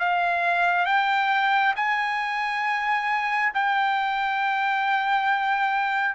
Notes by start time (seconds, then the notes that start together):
0.00 F5
0.86 G5
1.76 G#5
3.55 G5